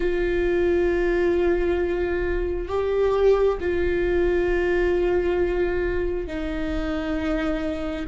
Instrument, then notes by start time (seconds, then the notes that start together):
viola
0.00 F4
2.68 G4
3.60 F4
6.27 D#4